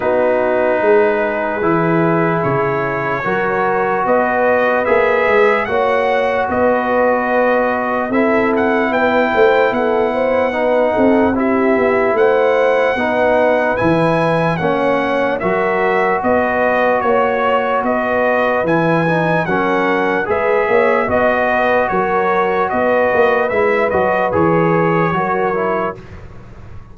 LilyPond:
<<
  \new Staff \with { instrumentName = "trumpet" } { \time 4/4 \tempo 4 = 74 b'2. cis''4~ | cis''4 dis''4 e''4 fis''4 | dis''2 e''8 fis''8 g''4 | fis''2 e''4 fis''4~ |
fis''4 gis''4 fis''4 e''4 | dis''4 cis''4 dis''4 gis''4 | fis''4 e''4 dis''4 cis''4 | dis''4 e''8 dis''8 cis''2 | }
  \new Staff \with { instrumentName = "horn" } { \time 4/4 fis'4 gis'2. | ais'4 b'2 cis''4 | b'2 a'4 b'8 c''8 | a'8 c''8 b'8 a'8 g'4 c''4 |
b'2 cis''4 ais'4 | b'4 cis''4 b'2 | ais'4 b'8 cis''8 dis''8 b'8 ais'4 | b'2. ais'4 | }
  \new Staff \with { instrumentName = "trombone" } { \time 4/4 dis'2 e'2 | fis'2 gis'4 fis'4~ | fis'2 e'2~ | e'4 dis'4 e'2 |
dis'4 e'4 cis'4 fis'4~ | fis'2. e'8 dis'8 | cis'4 gis'4 fis'2~ | fis'4 e'8 fis'8 gis'4 fis'8 e'8 | }
  \new Staff \with { instrumentName = "tuba" } { \time 4/4 b4 gis4 e4 cis4 | fis4 b4 ais8 gis8 ais4 | b2 c'4 b8 a8 | b4. c'4 b8 a4 |
b4 e4 ais4 fis4 | b4 ais4 b4 e4 | fis4 gis8 ais8 b4 fis4 | b8 ais8 gis8 fis8 e4 fis4 | }
>>